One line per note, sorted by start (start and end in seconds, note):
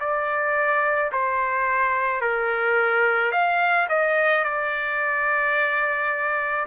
0.00 1.11 D5
1.12 2.21 C5
2.21 3.32 A#4
3.32 3.87 F5
3.89 4.44 D#5
4.44 6.66 D5